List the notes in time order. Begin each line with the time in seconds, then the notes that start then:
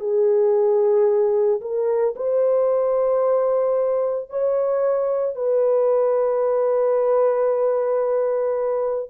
0.00 G#4
1.61 A#4
2.16 C5
4.31 C#5
5.36 B4